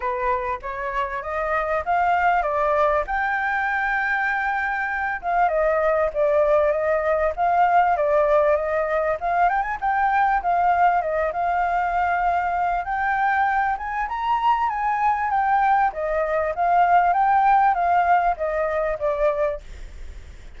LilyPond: \new Staff \with { instrumentName = "flute" } { \time 4/4 \tempo 4 = 98 b'4 cis''4 dis''4 f''4 | d''4 g''2.~ | g''8 f''8 dis''4 d''4 dis''4 | f''4 d''4 dis''4 f''8 g''16 gis''16 |
g''4 f''4 dis''8 f''4.~ | f''4 g''4. gis''8 ais''4 | gis''4 g''4 dis''4 f''4 | g''4 f''4 dis''4 d''4 | }